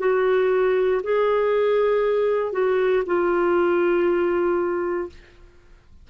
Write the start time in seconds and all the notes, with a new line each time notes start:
0.00 F#4
1.04 G#4
2.52 F#4
3.06 F4